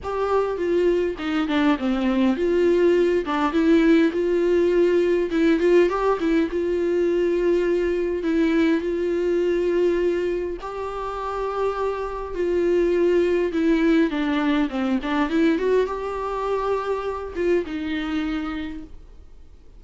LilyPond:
\new Staff \with { instrumentName = "viola" } { \time 4/4 \tempo 4 = 102 g'4 f'4 dis'8 d'8 c'4 | f'4. d'8 e'4 f'4~ | f'4 e'8 f'8 g'8 e'8 f'4~ | f'2 e'4 f'4~ |
f'2 g'2~ | g'4 f'2 e'4 | d'4 c'8 d'8 e'8 fis'8 g'4~ | g'4. f'8 dis'2 | }